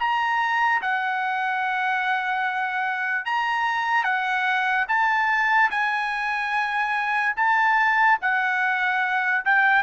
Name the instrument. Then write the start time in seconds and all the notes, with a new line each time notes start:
trumpet
0.00 A#5
0.82 F#5
3.26 A#5
4.04 F#5
4.89 A5
5.71 G#5
7.37 A5
8.22 F#5
9.45 G5